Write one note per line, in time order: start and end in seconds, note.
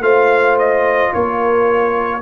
0.00 1.09 A3
0.00 2.20 F4
0.00 1.12 C5
0.00 0.57 F5
0.58 1.13 D#5
1.13 2.21 A#3
1.13 2.21 A#4
1.13 2.21 C#5